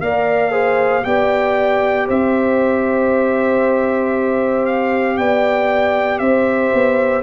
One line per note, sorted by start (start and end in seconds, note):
0.00 1.03 A#3
0.00 0.51 A#4
0.00 0.51 D5
0.00 1.04 F5
0.51 1.02 G#4
0.51 1.03 C5
1.03 2.08 B3
1.03 7.22 G4
1.03 2.07 D5
1.03 2.07 G5
2.07 5.17 C4
2.07 5.17 C5
2.07 4.65 E5
4.65 5.17 F5
5.17 6.20 B3
5.17 6.20 D5
5.17 6.18 G5
6.18 6.71 C4
6.18 7.22 C5
6.18 7.22 E5
6.73 7.22 B3